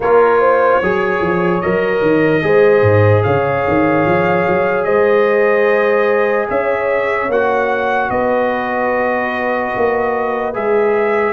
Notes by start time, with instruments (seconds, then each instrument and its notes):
0.00 tuba A#3, trombone F4, horn A#4, trumpet C#5
0.40 horn C5
0.80 tuba F#3, trombone G#4, horn C#5
1.20 tuba F3
1.60 tuba F#3, trombone A#4, trumpet D#5
2.01 tuba D#3
2.42 tuba G#3, trombone G#4, horn C5
2.82 tuba G#2
3.23 tuba C#3, horn C#5, trumpet F5
3.67 tuba D#3
4.05 tuba F3
4.47 tuba F#3
4.84 tuba G#3, horn C5, trumpet D#5
6.49 tuba C#4, horn C#5, trumpet E5
7.28 tuba A#3, trombone F#4, trumpet F#5
8.09 tuba B3, horn B4, trumpet D#5
9.76 tuba A#3
10.53 tuba G#3, trombone G#4, trumpet E5